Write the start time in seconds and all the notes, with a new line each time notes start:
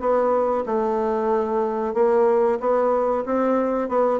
0.00 B3
0.66 A3
1.94 A#3
2.60 B3
3.26 C4
3.89 B3